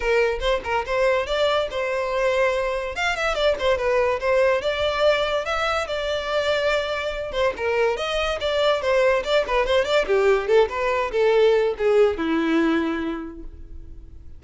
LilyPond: \new Staff \with { instrumentName = "violin" } { \time 4/4 \tempo 4 = 143 ais'4 c''8 ais'8 c''4 d''4 | c''2. f''8 e''8 | d''8 c''8 b'4 c''4 d''4~ | d''4 e''4 d''2~ |
d''4. c''8 ais'4 dis''4 | d''4 c''4 d''8 b'8 c''8 d''8 | g'4 a'8 b'4 a'4. | gis'4 e'2. | }